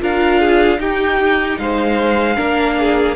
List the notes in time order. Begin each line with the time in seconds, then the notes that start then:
0.00 D4 F4 A#4 F5
0.40 G#4
0.80 D#4 G4 G5
1.59 G#3 C5 F5
2.36 A#3 D4 A#4
2.79 G#4